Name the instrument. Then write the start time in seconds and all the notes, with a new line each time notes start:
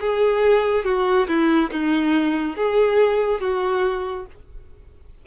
violin
0.00 G#4
0.85 F#4
1.28 E4
1.71 D#4
2.56 G#4
3.41 F#4